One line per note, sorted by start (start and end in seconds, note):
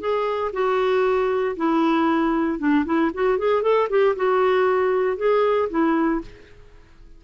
0.00 0.52 G#4
0.53 1.56 F#4
1.57 2.59 E4
2.59 2.85 D4
2.85 3.11 E4
3.14 3.39 F#4
3.39 3.63 G#4
3.63 3.89 A4
3.90 4.16 G4
4.16 5.17 F#4
5.17 5.69 G#4
5.70 6.21 E4